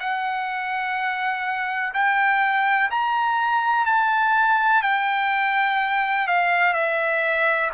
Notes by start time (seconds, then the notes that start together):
0.00 F#5
1.94 G5
2.91 A#5
3.86 A5
4.83 G5
6.28 F5
6.74 E5